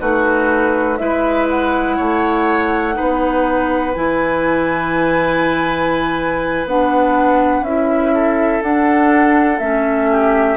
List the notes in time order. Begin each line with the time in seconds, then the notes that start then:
0.00 A3 D#4 F#4 B4
0.97 G#3 E4 B4 E5
1.49 F#5
1.96 A3 C#5
2.93 D#4 B4
3.00 B3
3.94 E3 E4 G#5
6.65 B3 D4 F#5
7.61 C#4 E4 E5
8.14 A4
8.62 D4 F#5
9.58 A3 C#4 E5
10.10 G4